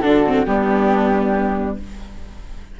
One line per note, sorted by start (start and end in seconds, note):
0.00 0.46 D3
0.00 0.25 D4
0.00 0.45 F#4
0.00 0.44 A4
0.26 0.47 C4
0.44 1.78 G3
0.44 1.79 B3
0.44 1.80 D4
0.44 1.77 G4